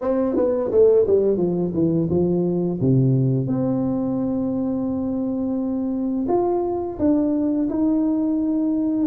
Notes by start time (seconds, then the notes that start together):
0.01 C4
0.36 B3
0.71 A3
1.07 G3
1.37 F3
1.73 E3
2.09 F3
2.80 C3
3.47 C4
6.28 F4
6.98 D4
7.69 D#4